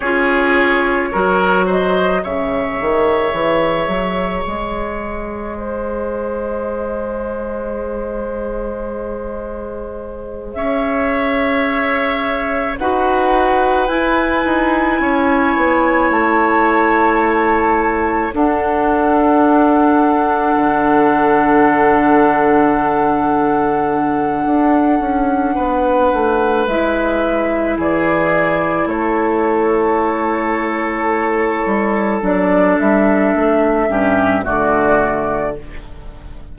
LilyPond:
<<
  \new Staff \with { instrumentName = "flute" } { \time 4/4 \tempo 4 = 54 cis''4. dis''8 e''2 | dis''1~ | dis''4. e''2 fis''8~ | fis''8 gis''2 a''4.~ |
a''8 fis''2.~ fis''8~ | fis''1 | e''4 d''4 cis''2~ | cis''4 d''8 e''4. d''4 | }
  \new Staff \with { instrumentName = "oboe" } { \time 4/4 gis'4 ais'8 c''8 cis''2~ | cis''4 c''2.~ | c''4. cis''2 b'8~ | b'4. cis''2~ cis''8~ |
cis''8 a'2.~ a'8~ | a'2. b'4~ | b'4 gis'4 a'2~ | a'2~ a'8 g'8 fis'4 | }
  \new Staff \with { instrumentName = "clarinet" } { \time 4/4 f'4 fis'4 gis'2~ | gis'1~ | gis'2.~ gis'8 fis'8~ | fis'8 e'2.~ e'8~ |
e'8 d'2.~ d'8~ | d'1 | e'1~ | e'4 d'4. cis'8 a4 | }
  \new Staff \with { instrumentName = "bassoon" } { \time 4/4 cis'4 fis4 cis8 dis8 e8 fis8 | gis1~ | gis4. cis'2 dis'8~ | dis'8 e'8 dis'8 cis'8 b8 a4.~ |
a8 d'2 d4.~ | d2 d'8 cis'8 b8 a8 | gis4 e4 a2~ | a8 g8 fis8 g8 a8 g,8 d4 | }
>>